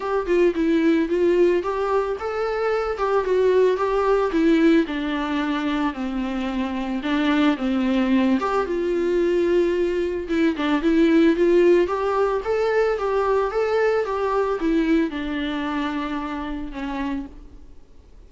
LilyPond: \new Staff \with { instrumentName = "viola" } { \time 4/4 \tempo 4 = 111 g'8 f'8 e'4 f'4 g'4 | a'4. g'8 fis'4 g'4 | e'4 d'2 c'4~ | c'4 d'4 c'4. g'8 |
f'2. e'8 d'8 | e'4 f'4 g'4 a'4 | g'4 a'4 g'4 e'4 | d'2. cis'4 | }